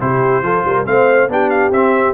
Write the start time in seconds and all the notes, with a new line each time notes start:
0.00 C3 E4 G4 C5
0.42 F3 F4 A4
0.64 G3 A#4
0.85 A3 C4 C5 F5
1.27 B3 D4 G4 G5
1.49 F5
1.71 C4 E5